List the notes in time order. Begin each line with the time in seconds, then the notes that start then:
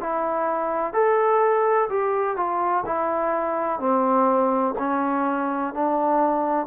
0.00 E4
0.93 A4
1.89 G4
2.36 F4
2.86 E4
3.79 C4
4.78 C#4
5.74 D4